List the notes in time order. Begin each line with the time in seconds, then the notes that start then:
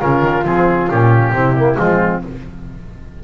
0.00 C#3 C#4 F4 A#4
0.22 D#3
0.45 F3 C4 G#4
0.90 A#2 C#4 G4
1.33 C3 C4 E4
1.57 A#3
1.75 F3 G#3 C4 F4